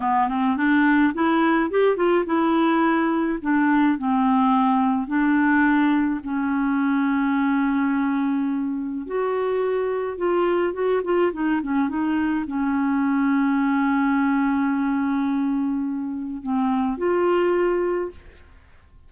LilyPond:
\new Staff \with { instrumentName = "clarinet" } { \time 4/4 \tempo 4 = 106 b8 c'8 d'4 e'4 g'8 f'8 | e'2 d'4 c'4~ | c'4 d'2 cis'4~ | cis'1 |
fis'2 f'4 fis'8 f'8 | dis'8 cis'8 dis'4 cis'2~ | cis'1~ | cis'4 c'4 f'2 | }